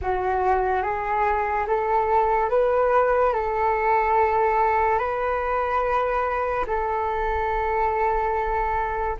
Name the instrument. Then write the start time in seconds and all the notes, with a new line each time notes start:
flute
0.01 F#4
0.82 G#4
1.67 A4
2.49 B4
3.33 A4
4.98 B4
6.66 A4